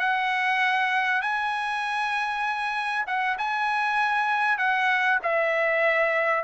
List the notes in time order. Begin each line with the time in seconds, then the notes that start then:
0.00 F#5
1.22 G#5
3.07 F#5
3.38 G#5
4.58 F#5
5.23 E5